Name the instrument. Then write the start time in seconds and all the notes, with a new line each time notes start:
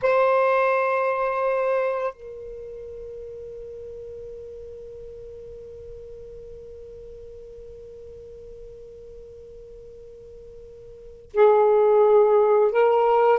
saxophone
0.02 C5
2.13 A#4
11.33 G#4
12.71 A#4